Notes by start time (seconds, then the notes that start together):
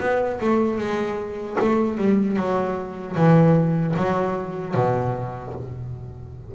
0.00 B3
0.41 A3
0.78 G#3
1.60 A3
1.98 G3
2.36 F#3
3.16 E3
3.96 F#3
4.74 B2